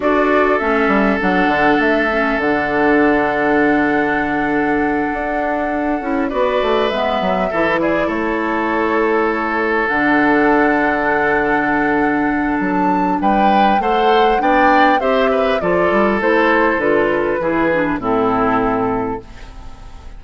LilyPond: <<
  \new Staff \with { instrumentName = "flute" } { \time 4/4 \tempo 4 = 100 d''4 e''4 fis''4 e''4 | fis''1~ | fis''2~ fis''8 d''4 e''8~ | e''4 d''8 cis''2~ cis''8~ |
cis''8 fis''2.~ fis''8~ | fis''4 a''4 g''4 fis''4 | g''4 e''4 d''4 c''4 | b'2 a'2 | }
  \new Staff \with { instrumentName = "oboe" } { \time 4/4 a'1~ | a'1~ | a'2~ a'8 b'4.~ | b'8 a'8 gis'8 a'2~ a'8~ |
a'1~ | a'2 b'4 c''4 | d''4 c''8 b'8 a'2~ | a'4 gis'4 e'2 | }
  \new Staff \with { instrumentName = "clarinet" } { \time 4/4 fis'4 cis'4 d'4. cis'8 | d'1~ | d'2 e'8 fis'4 b8~ | b8 e'2.~ e'8~ |
e'8 d'2.~ d'8~ | d'2. a'4 | d'4 g'4 f'4 e'4 | f'4 e'8 d'8 c'2 | }
  \new Staff \with { instrumentName = "bassoon" } { \time 4/4 d'4 a8 g8 fis8 d8 a4 | d1~ | d8 d'4. cis'8 b8 a8 gis8 | fis8 e4 a2~ a8~ |
a8 d2.~ d8~ | d4 fis4 g4 a4 | b4 c'4 f8 g8 a4 | d4 e4 a,2 | }
>>